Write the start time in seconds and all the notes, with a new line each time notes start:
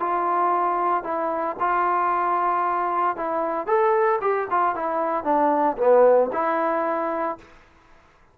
0.00 F4
1.04 E4
1.60 F4
3.17 E4
3.67 A4
4.21 G4
4.50 F4
4.75 E4
5.24 D4
5.78 B3
6.33 E4